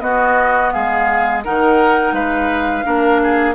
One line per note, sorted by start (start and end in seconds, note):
0.00 0.71 B3
0.00 1.42 B3
0.00 0.73 F#4
0.00 0.71 D#5
0.71 1.46 G#3
0.71 1.44 G#4
0.71 1.42 F5
1.44 2.12 D#3
1.44 2.84 D#4
1.44 2.14 A#4
1.44 2.14 F#5
2.12 2.83 G#3
2.12 2.85 B4
2.12 3.55 F5
2.84 3.55 A#3
2.84 3.55 D4
2.84 3.21 A#4
3.23 3.55 G#4